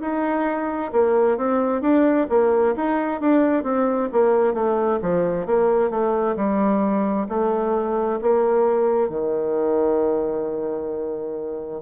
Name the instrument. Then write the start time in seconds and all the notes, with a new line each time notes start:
bassoon
0.00 D#4
0.92 A#3
1.37 C4
1.81 D4
2.29 A#3
2.75 D#4
3.20 D4
3.63 C4
4.12 A#3
4.53 A3
5.01 F3
5.46 A#3
5.90 A3
6.36 G3
7.28 A3
8.21 A#3
9.09 D#3